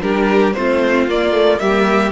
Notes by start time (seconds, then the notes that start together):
0.00 G3 D4 G4 A#4
0.53 A3 C4 F4 C5
1.07 A#3 D5
1.31 A3
1.59 G3 A#3 G4 E5